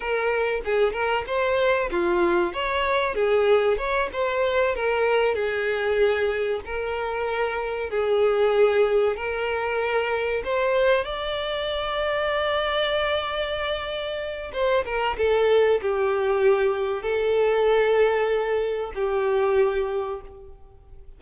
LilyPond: \new Staff \with { instrumentName = "violin" } { \time 4/4 \tempo 4 = 95 ais'4 gis'8 ais'8 c''4 f'4 | cis''4 gis'4 cis''8 c''4 ais'8~ | ais'8 gis'2 ais'4.~ | ais'8 gis'2 ais'4.~ |
ais'8 c''4 d''2~ d''8~ | d''2. c''8 ais'8 | a'4 g'2 a'4~ | a'2 g'2 | }